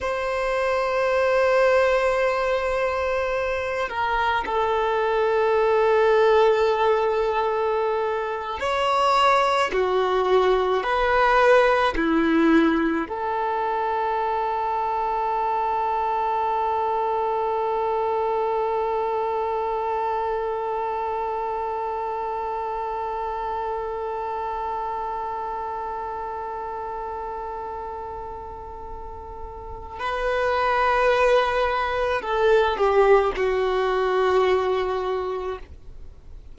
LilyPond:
\new Staff \with { instrumentName = "violin" } { \time 4/4 \tempo 4 = 54 c''2.~ c''8 ais'8 | a'2.~ a'8. cis''16~ | cis''8. fis'4 b'4 e'4 a'16~ | a'1~ |
a'1~ | a'1~ | a'2. b'4~ | b'4 a'8 g'8 fis'2 | }